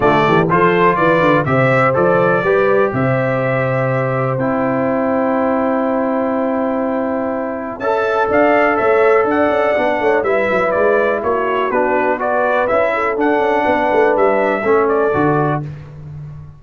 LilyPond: <<
  \new Staff \with { instrumentName = "trumpet" } { \time 4/4 \tempo 4 = 123 d''4 c''4 d''4 e''4 | d''2 e''2~ | e''4 g''2.~ | g''1 |
a''4 f''4 e''4 fis''4~ | fis''4 e''4 d''4 cis''4 | b'4 d''4 e''4 fis''4~ | fis''4 e''4. d''4. | }
  \new Staff \with { instrumentName = "horn" } { \time 4/4 f'8 g'8 a'4 b'4 c''4~ | c''4 b'4 c''2~ | c''1~ | c''1 |
e''4 d''4 cis''4 d''4~ | d''8 cis''8 b'2 fis'4~ | fis'4 b'4. a'4. | b'2 a'2 | }
  \new Staff \with { instrumentName = "trombone" } { \time 4/4 a4 f'2 g'4 | a'4 g'2.~ | g'4 e'2.~ | e'1 |
a'1 | d'4 e'2. | d'4 fis'4 e'4 d'4~ | d'2 cis'4 fis'4 | }
  \new Staff \with { instrumentName = "tuba" } { \time 4/4 d8 e8 f4 e8 d8 c4 | f4 g4 c2~ | c4 c'2.~ | c'1 |
cis'4 d'4 a4 d'8 cis'8 | b8 a8 g8 fis8 gis4 ais4 | b2 cis'4 d'8 cis'8 | b8 a8 g4 a4 d4 | }
>>